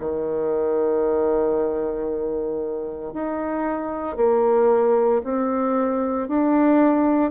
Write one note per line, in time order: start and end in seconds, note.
0.00 3.14 D#3
3.14 4.17 D#4
4.17 5.22 A#3
5.24 6.28 C4
6.28 7.31 D4